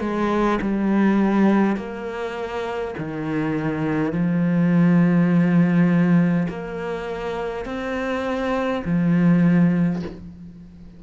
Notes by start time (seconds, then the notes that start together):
0.00 G#3
0.61 G3
1.76 A#3
2.98 D#3
4.12 F3
6.49 A#3
7.65 C4
8.84 F3